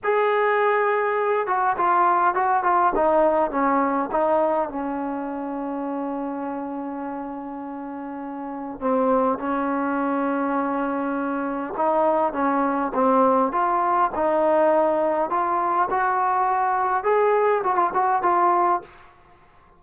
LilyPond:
\new Staff \with { instrumentName = "trombone" } { \time 4/4 \tempo 4 = 102 gis'2~ gis'8 fis'8 f'4 | fis'8 f'8 dis'4 cis'4 dis'4 | cis'1~ | cis'2. c'4 |
cis'1 | dis'4 cis'4 c'4 f'4 | dis'2 f'4 fis'4~ | fis'4 gis'4 fis'16 f'16 fis'8 f'4 | }